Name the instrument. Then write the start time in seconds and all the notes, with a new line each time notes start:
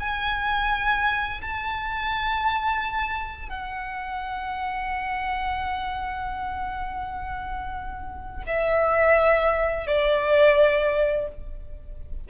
violin
0.00 G#5
1.42 A5
3.49 F#5
8.47 E5
9.87 D5